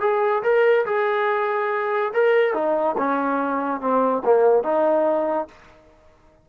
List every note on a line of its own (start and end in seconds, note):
0.00 0.42 G#4
0.43 0.85 A#4
0.85 2.12 G#4
2.13 2.53 A#4
2.53 2.96 D#4
2.97 3.80 C#4
3.80 4.22 C4
4.24 4.63 A#3
4.63 5.48 D#4